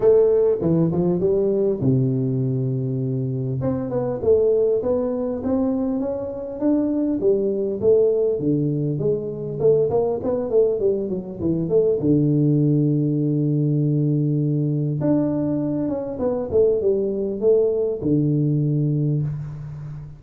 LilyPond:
\new Staff \with { instrumentName = "tuba" } { \time 4/4 \tempo 4 = 100 a4 e8 f8 g4 c4~ | c2 c'8 b8 a4 | b4 c'4 cis'4 d'4 | g4 a4 d4 gis4 |
a8 ais8 b8 a8 g8 fis8 e8 a8 | d1~ | d4 d'4. cis'8 b8 a8 | g4 a4 d2 | }